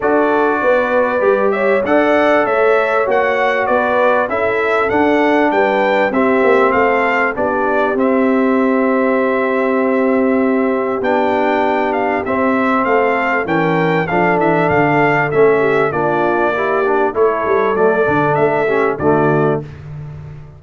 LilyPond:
<<
  \new Staff \with { instrumentName = "trumpet" } { \time 4/4 \tempo 4 = 98 d''2~ d''8 e''8 fis''4 | e''4 fis''4 d''4 e''4 | fis''4 g''4 e''4 f''4 | d''4 e''2.~ |
e''2 g''4. f''8 | e''4 f''4 g''4 f''8 e''8 | f''4 e''4 d''2 | cis''4 d''4 e''4 d''4 | }
  \new Staff \with { instrumentName = "horn" } { \time 4/4 a'4 b'4. cis''8 d''4 | cis''2 b'4 a'4~ | a'4 b'4 g'4 a'4 | g'1~ |
g'1~ | g'4 a'4 ais'4 a'4~ | a'4. g'8 f'4 g'4 | a'2~ a'8 g'8 fis'4 | }
  \new Staff \with { instrumentName = "trombone" } { \time 4/4 fis'2 g'4 a'4~ | a'4 fis'2 e'4 | d'2 c'2 | d'4 c'2.~ |
c'2 d'2 | c'2 cis'4 d'4~ | d'4 cis'4 d'4 e'8 d'8 | e'4 a8 d'4 cis'8 a4 | }
  \new Staff \with { instrumentName = "tuba" } { \time 4/4 d'4 b4 g4 d'4 | a4 ais4 b4 cis'4 | d'4 g4 c'8 ais8 a4 | b4 c'2.~ |
c'2 b2 | c'4 a4 e4 f8 e8 | d4 a4 ais2 | a8 g8 fis8 d8 a4 d4 | }
>>